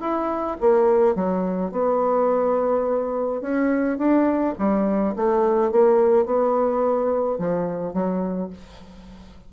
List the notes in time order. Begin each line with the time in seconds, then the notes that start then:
0.00 E4
0.60 A#3
1.15 F#3
1.71 B3
3.41 C#4
3.98 D4
4.58 G3
5.16 A3
5.71 A#3
6.25 B3
7.38 F3
7.93 F#3